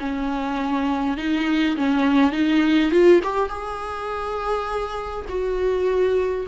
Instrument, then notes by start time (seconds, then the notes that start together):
viola
0.00 C#4
1.17 D#4
1.76 C#4
2.32 D#4
2.91 F4
3.24 G4
3.49 G#4
5.29 F#4